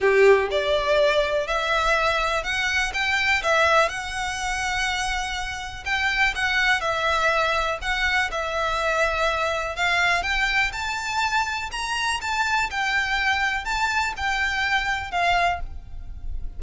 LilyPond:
\new Staff \with { instrumentName = "violin" } { \time 4/4 \tempo 4 = 123 g'4 d''2 e''4~ | e''4 fis''4 g''4 e''4 | fis''1 | g''4 fis''4 e''2 |
fis''4 e''2. | f''4 g''4 a''2 | ais''4 a''4 g''2 | a''4 g''2 f''4 | }